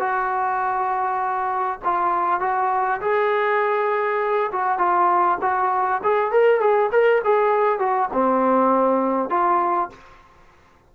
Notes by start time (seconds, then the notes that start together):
0.00 F#4
1.85 F4
2.41 F#4
3.02 G#4
4.52 F#4
4.79 F4
5.42 F#4
6.04 G#4
6.32 A#4
6.61 G#4
6.92 A#4
7.25 G#4
7.79 F#4
8.14 C4
9.30 F4